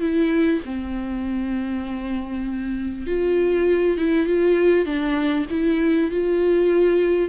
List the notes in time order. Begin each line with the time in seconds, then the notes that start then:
0.00 E4
0.65 C4
3.07 F4
3.98 E4
4.26 F4
4.85 D4
5.50 E4
6.10 F4